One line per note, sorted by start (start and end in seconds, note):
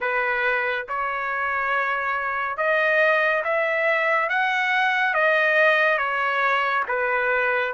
0.00 0.86 B4
0.88 2.57 C#5
2.57 3.43 D#5
3.44 4.29 E5
4.29 5.14 F#5
5.14 5.98 D#5
5.98 6.83 C#5
6.88 7.73 B4